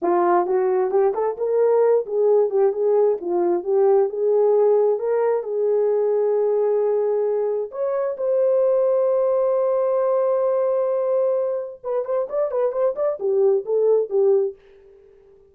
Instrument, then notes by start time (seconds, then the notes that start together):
horn
0.01 F4
0.46 F#4
0.90 G4
1.14 A4
1.37 A#4
2.06 G#4
2.50 G4
2.72 G#4
3.20 F4
3.63 G4
4.09 G#4
4.99 A#4
5.43 G#4
7.71 C#5
8.17 C5
11.83 B4
12.05 C5
12.29 D5
12.51 B4
12.72 C5
12.95 D5
13.19 G4
13.65 A4
14.09 G4